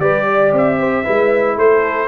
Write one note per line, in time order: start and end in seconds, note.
0.00 0.52 G3
0.00 1.05 G4
0.00 0.24 B4
0.00 0.53 D5
0.24 0.77 D5
0.53 1.05 C4
0.53 1.58 E5
0.79 1.05 C5
1.05 1.57 G#3
1.05 2.08 E4
1.05 1.57 B4
1.57 2.08 A3
1.57 2.08 A4
1.57 2.08 C5